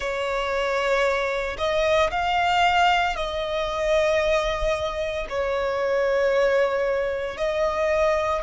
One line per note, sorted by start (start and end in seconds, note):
0.00 1.56 C#5
1.57 2.10 D#5
2.11 3.16 F5
3.16 5.26 D#5
5.29 7.37 C#5
7.37 8.42 D#5